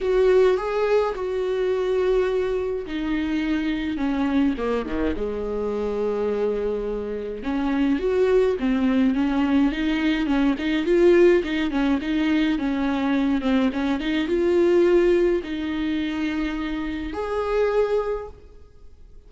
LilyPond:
\new Staff \with { instrumentName = "viola" } { \time 4/4 \tempo 4 = 105 fis'4 gis'4 fis'2~ | fis'4 dis'2 cis'4 | ais8 dis8 gis2.~ | gis4 cis'4 fis'4 c'4 |
cis'4 dis'4 cis'8 dis'8 f'4 | dis'8 cis'8 dis'4 cis'4. c'8 | cis'8 dis'8 f'2 dis'4~ | dis'2 gis'2 | }